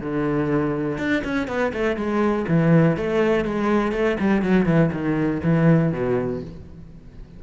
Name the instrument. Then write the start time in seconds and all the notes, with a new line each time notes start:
cello
0.00 D3
0.98 D4
1.24 C#4
1.48 B3
1.73 A3
1.96 G#3
2.48 E3
2.97 A3
3.45 G#3
3.92 A3
4.20 G3
4.42 F#3
4.66 E3
4.93 D#3
5.43 E3
5.92 B2